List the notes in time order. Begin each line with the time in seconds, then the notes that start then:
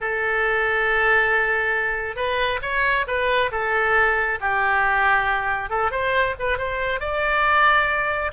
0.00 A4
2.16 B4
2.62 C#5
3.07 B4
3.51 A4
4.40 G4
5.69 A4
5.91 C5
6.39 B4
6.58 C5
7.00 D5